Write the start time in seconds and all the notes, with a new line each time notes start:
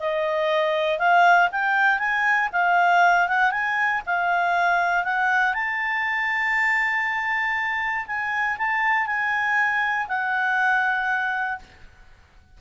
0.00 D#5
0.99 F5
1.52 G5
1.99 G#5
2.53 F5
3.28 F#5
3.52 G#5
4.07 F5
5.05 F#5
5.54 A5
8.07 G#5
8.59 A5
9.07 G#5
10.08 F#5